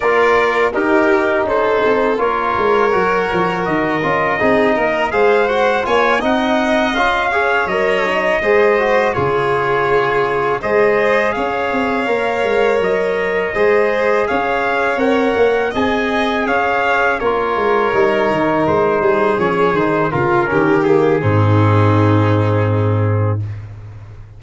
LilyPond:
<<
  \new Staff \with { instrumentName = "trumpet" } { \time 4/4 \tempo 4 = 82 d''4 ais'4 c''4 cis''4~ | cis''4 dis''2 f''8 fis''8 | gis''8 fis''4 f''4 dis''4.~ | dis''8 cis''2 dis''4 f''8~ |
f''4. dis''2 f''8~ | f''8 fis''4 gis''4 f''4 cis''8~ | cis''4. c''4 cis''8 c''8 ais'8~ | ais'8 gis'2.~ gis'8 | }
  \new Staff \with { instrumentName = "violin" } { \time 4/4 ais'4 g'4 a'4 ais'4~ | ais'2 gis'8 ais'8 c''4 | cis''8 dis''4. cis''4. c''8~ | c''8 gis'2 c''4 cis''8~ |
cis''2~ cis''8 c''4 cis''8~ | cis''4. dis''4 cis''4 ais'8~ | ais'2 gis'4. f'8 | g'4 dis'2. | }
  \new Staff \with { instrumentName = "trombone" } { \time 4/4 f'4 dis'2 f'4 | fis'4. f'8 dis'4 gis'8 fis'8 | f'8 dis'4 f'8 gis'8 ais'8 dis'8 gis'8 | fis'8 f'2 gis'4.~ |
gis'8 ais'2 gis'4.~ | gis'8 ais'4 gis'2 f'8~ | f'8 dis'2 cis'8 dis'8 f'8 | cis'8 ais8 c'2. | }
  \new Staff \with { instrumentName = "tuba" } { \time 4/4 ais4 dis'4 cis'8 c'8 ais8 gis8 | fis8 f8 dis8 cis'8 c'8 ais8 gis4 | ais8 c'4 cis'4 fis4 gis8~ | gis8 cis2 gis4 cis'8 |
c'8 ais8 gis8 fis4 gis4 cis'8~ | cis'8 c'8 ais8 c'4 cis'4 ais8 | gis8 g8 dis8 gis8 g8 f8 dis8 cis8 | dis4 gis,2. | }
>>